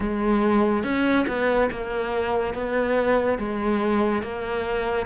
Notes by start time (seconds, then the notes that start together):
0.00 G#3
0.83 C#4
1.27 B3
1.71 A#3
2.54 B3
3.38 G#3
4.22 A#3